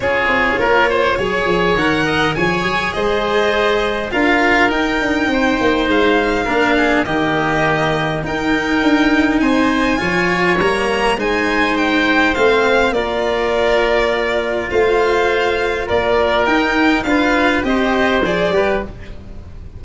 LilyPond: <<
  \new Staff \with { instrumentName = "violin" } { \time 4/4 \tempo 4 = 102 cis''2. fis''4 | gis''4 dis''2 f''4 | g''2 f''2 | dis''2 g''2 |
gis''2 ais''4 gis''4 | g''4 f''4 d''2~ | d''4 f''2 d''4 | g''4 f''4 dis''4 d''4 | }
  \new Staff \with { instrumentName = "oboe" } { \time 4/4 gis'4 ais'8 c''8 cis''4. dis''8 | cis''4 c''2 ais'4~ | ais'4 c''2 ais'8 gis'8 | g'2 ais'2 |
c''4 cis''2 c''4~ | c''2 ais'2~ | ais'4 c''2 ais'4~ | ais'4 b'4 c''4. b'8 | }
  \new Staff \with { instrumentName = "cello" } { \time 4/4 f'2 gis'4 ais'4 | gis'2. f'4 | dis'2. d'4 | ais2 dis'2~ |
dis'4 f'4 ais4 dis'4~ | dis'4 c'4 f'2~ | f'1 | dis'4 f'4 g'4 gis'8 g'8 | }
  \new Staff \with { instrumentName = "tuba" } { \time 4/4 cis'8 c'8 ais4 fis8 f8 dis4 | f8 fis8 gis2 d'4 | dis'8 d'8 c'8 ais8 gis4 ais4 | dis2 dis'4 d'4 |
c'4 f4 g4 gis4~ | gis4 a4 ais2~ | ais4 a2 ais4 | dis'4 d'4 c'4 f8 g8 | }
>>